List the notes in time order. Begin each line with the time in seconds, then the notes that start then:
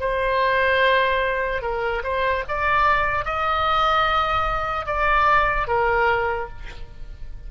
0.00 C5
1.62 A#4
2.03 C5
2.48 D5
3.25 D#5
4.86 D5
5.68 A#4